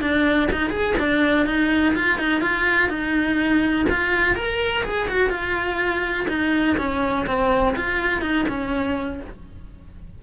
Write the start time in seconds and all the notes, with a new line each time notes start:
0.00 D4
0.51 D#4
0.70 G#4
0.99 D4
1.46 D#4
1.95 F4
2.18 D#4
2.41 F4
2.89 D#4
3.89 F4
4.35 A#4
4.83 G#4
5.08 F#4
5.29 F4
6.28 D#4
6.77 C#4
7.26 C4
7.76 F4
8.21 D#4
8.48 C#4